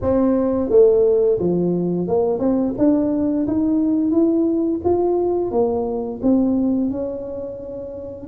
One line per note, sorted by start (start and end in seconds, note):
0.01 0.69 C4
0.69 1.38 A3
1.38 2.07 F3
2.07 2.39 A#3
2.39 2.73 C4
2.77 3.47 D4
3.47 4.11 D#4
4.11 4.80 E4
4.84 5.51 F4
5.51 6.20 A#3
6.22 6.90 C4
6.90 8.27 C#4